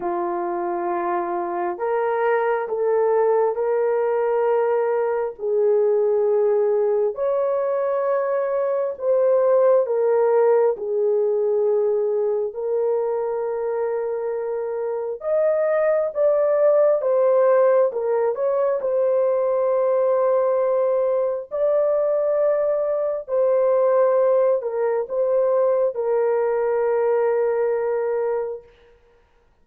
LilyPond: \new Staff \with { instrumentName = "horn" } { \time 4/4 \tempo 4 = 67 f'2 ais'4 a'4 | ais'2 gis'2 | cis''2 c''4 ais'4 | gis'2 ais'2~ |
ais'4 dis''4 d''4 c''4 | ais'8 cis''8 c''2. | d''2 c''4. ais'8 | c''4 ais'2. | }